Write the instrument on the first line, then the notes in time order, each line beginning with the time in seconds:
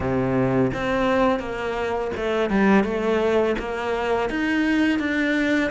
cello
0.00 C3
0.73 C4
1.39 A#3
2.16 A3
2.49 G3
2.84 A3
3.58 A#3
4.29 D#4
4.99 D4